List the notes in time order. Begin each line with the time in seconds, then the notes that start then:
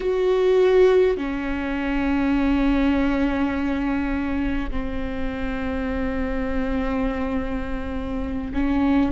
0.00 F#4
1.17 C#4
4.70 C4
8.53 C#4